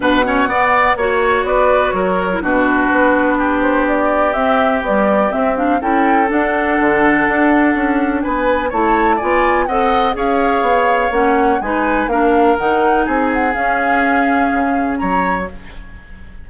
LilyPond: <<
  \new Staff \with { instrumentName = "flute" } { \time 4/4 \tempo 4 = 124 fis''2 cis''4 d''4 | cis''4 b'2~ b'8 c''8 | d''4 e''4 d''4 e''8 f''8 | g''4 fis''2.~ |
fis''4 gis''4 a''4 gis''4 | fis''4 f''2 fis''4 | gis''4 f''4 fis''4 gis''8 fis''8 | f''2. ais''4 | }
  \new Staff \with { instrumentName = "oboe" } { \time 4/4 b'8 cis''8 d''4 cis''4 b'4 | ais'4 fis'2 g'4~ | g'1 | a'1~ |
a'4 b'4 cis''4 d''4 | dis''4 cis''2. | b'4 ais'2 gis'4~ | gis'2. cis''4 | }
  \new Staff \with { instrumentName = "clarinet" } { \time 4/4 d'8 cis'8 b4 fis'2~ | fis'8. e'16 d'2.~ | d'4 c'4 g4 c'8 d'8 | e'4 d'2.~ |
d'2 e'4 f'4 | a'4 gis'2 cis'4 | dis'4 d'4 dis'2 | cis'1 | }
  \new Staff \with { instrumentName = "bassoon" } { \time 4/4 b,4 b4 ais4 b4 | fis4 b,4 b2~ | b4 c'4 b4 c'4 | cis'4 d'4 d4 d'4 |
cis'4 b4 a4 b4 | c'4 cis'4 b4 ais4 | gis4 ais4 dis4 c'4 | cis'2 cis4 fis4 | }
>>